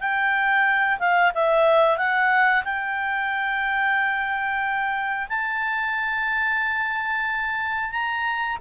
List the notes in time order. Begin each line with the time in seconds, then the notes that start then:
0.00 G5
1.00 F5
1.35 E5
1.98 F#5
2.65 G5
5.29 A5
7.92 A#5